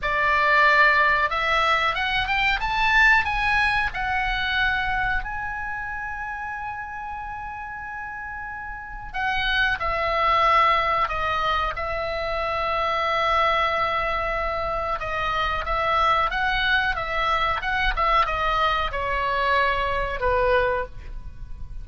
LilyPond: \new Staff \with { instrumentName = "oboe" } { \time 4/4 \tempo 4 = 92 d''2 e''4 fis''8 g''8 | a''4 gis''4 fis''2 | gis''1~ | gis''2 fis''4 e''4~ |
e''4 dis''4 e''2~ | e''2. dis''4 | e''4 fis''4 e''4 fis''8 e''8 | dis''4 cis''2 b'4 | }